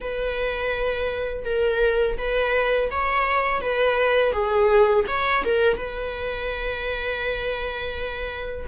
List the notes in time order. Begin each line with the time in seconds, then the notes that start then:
0.00 B4
1.45 A#4
2.17 B4
2.90 C#5
3.61 B4
4.32 G#4
5.07 C#5
5.44 A#4
5.77 B4